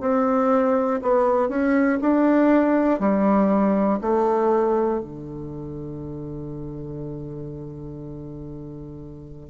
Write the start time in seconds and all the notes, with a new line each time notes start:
0.00 C4
1.01 B3
1.49 C#4
2.01 D4
3.00 G3
4.01 A3
5.00 D3